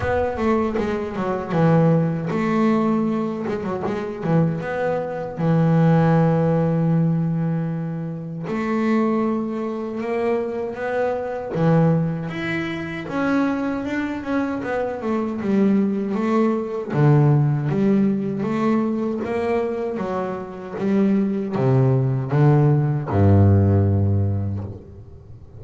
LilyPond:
\new Staff \with { instrumentName = "double bass" } { \time 4/4 \tempo 4 = 78 b8 a8 gis8 fis8 e4 a4~ | a8 gis16 fis16 gis8 e8 b4 e4~ | e2. a4~ | a4 ais4 b4 e4 |
e'4 cis'4 d'8 cis'8 b8 a8 | g4 a4 d4 g4 | a4 ais4 fis4 g4 | c4 d4 g,2 | }